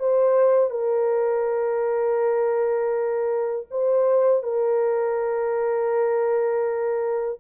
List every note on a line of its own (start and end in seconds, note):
0.00 0.71 C5
0.71 3.67 A#4
3.71 4.43 C5
4.43 7.40 A#4